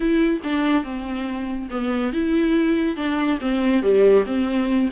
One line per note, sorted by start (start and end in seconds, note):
0.00 0.40 E4
0.43 0.83 D4
0.83 1.68 C4
1.70 2.13 B3
2.13 2.96 E4
2.96 3.39 D4
3.40 3.82 C4
3.82 4.24 G3
4.26 4.89 C4